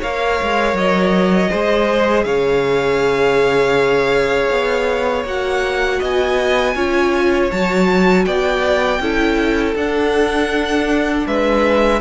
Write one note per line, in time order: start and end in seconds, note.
0.00 0.40 A#3
0.00 1.49 A#4
0.00 1.50 C#5
0.00 0.77 F5
0.41 0.73 G#3
0.73 1.48 F#3
0.73 2.23 D#5
1.49 2.25 G#3
1.49 5.24 G#4
1.49 2.25 C5
2.23 4.50 C#3
2.23 5.99 C#5
2.23 5.23 F5
4.50 5.24 B3
5.24 5.99 A#3
5.24 6.76 F#4
5.24 6.02 F#5
5.99 6.75 B3
5.99 6.74 D#5
5.99 7.51 G#5
6.74 7.50 C#4
6.74 7.51 F4
6.74 8.24 C#5
7.51 8.26 F#3
7.51 9.01 F#4
7.51 8.25 A5
8.25 8.99 B3
8.25 9.01 D5
8.25 9.75 G5
8.99 9.74 C#4
8.99 9.76 E4
8.99 11.26 A4
9.75 11.25 D4
9.75 12.00 D4
9.75 11.27 F#5
11.26 12.00 G#3
11.26 12.00 B4
11.26 12.00 E5